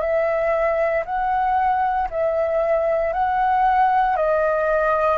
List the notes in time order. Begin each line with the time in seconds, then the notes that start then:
0.00 E5
1.05 F#5
2.10 E5
3.13 F#5
4.16 D#5